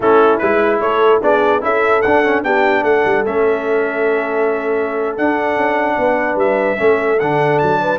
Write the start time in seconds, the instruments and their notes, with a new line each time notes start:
0.00 tuba A3, trombone C#4, horn E4, trumpet A4
0.38 tuba G#3, trombone E4, trumpet B4
0.80 tuba A3, horn A4, trumpet C#5
1.21 tuba B3, trombone D4, horn G#4, trumpet D5
1.61 tuba C#4, trombone E4, horn A4, trumpet E5
2.01 tuba D4, trombone D4, trumpet F#5
2.24 trombone C#4
2.43 tuba B3, trombone D4, horn G4, trumpet G5
2.82 tuba A3, horn A4, trumpet F#5
3.05 tuba G3
3.25 tuba A3, trombone C#4, trumpet E5
5.17 tuba D4, trombone D4, trumpet F#5
5.56 tuba C#4
5.97 tuba B3, horn B4
6.35 tuba G3, trumpet E5
6.77 tuba A3, trombone C#4, horn A4
7.19 tuba D3, trombone D4, trumpet F#5
7.58 tuba F#3, trumpet A5
7.80 horn B4